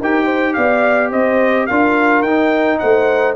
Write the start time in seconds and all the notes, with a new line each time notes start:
0.00 D#4 G4 A#4 G5
0.25 C5
0.54 B3 D5 F5
1.11 C4 C5 D#5
1.67 D4 F4 A#4 F5
2.23 D#4 G5
2.79 A3 C5 F#5